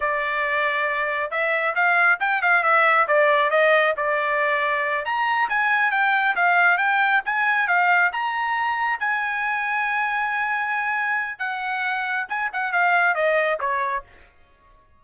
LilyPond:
\new Staff \with { instrumentName = "trumpet" } { \time 4/4 \tempo 4 = 137 d''2. e''4 | f''4 g''8 f''8 e''4 d''4 | dis''4 d''2~ d''8 ais''8~ | ais''8 gis''4 g''4 f''4 g''8~ |
g''8 gis''4 f''4 ais''4.~ | ais''8 gis''2.~ gis''8~ | gis''2 fis''2 | gis''8 fis''8 f''4 dis''4 cis''4 | }